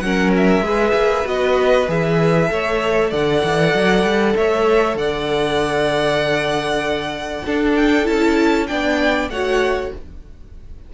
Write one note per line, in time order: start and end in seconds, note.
0.00 0.61 F#3
0.00 0.64 C#4
0.00 0.65 A#4
0.00 0.31 F#5
0.37 1.28 E5
0.61 0.92 G#3
0.61 1.25 G#4
0.61 2.51 B4
0.94 1.25 A#3
1.25 1.87 B3
1.25 1.86 F#4
1.25 1.90 D#5
1.88 2.50 E3
1.88 2.47 G#4
1.88 3.14 E5
2.47 3.12 A3
2.47 7.42 A4
2.47 3.10 C#5
3.10 3.43 D3
3.10 4.34 D5
3.10 4.37 F#5
3.44 3.75 E3
3.75 4.04 F#3
4.04 4.35 G3
4.37 4.95 A3
4.37 4.99 C#5
4.37 4.98 E5
4.95 7.43 D3
4.95 7.45 D5
4.95 7.76 F#5
7.45 8.04 D4
7.45 8.09 D4
7.45 8.69 A4
7.76 8.07 G5
8.04 8.70 C#4
8.04 8.66 E4
8.04 8.67 A5
8.67 9.30 B3
8.67 9.30 D4
8.67 9.31 D5
8.67 9.29 G5
9.30 9.91 A3
9.30 9.94 F#4
9.30 9.94 C#5
9.30 9.92 F#5